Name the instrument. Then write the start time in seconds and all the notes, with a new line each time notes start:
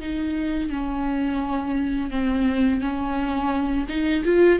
viola
0.00 D#4
0.70 C#4
2.10 C4
2.81 C#4
3.89 D#4
4.24 F4